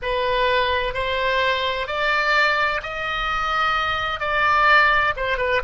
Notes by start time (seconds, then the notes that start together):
0.02 B4
0.94 C5
1.87 D5
2.82 D#5
4.20 D5
5.16 C5
5.37 B4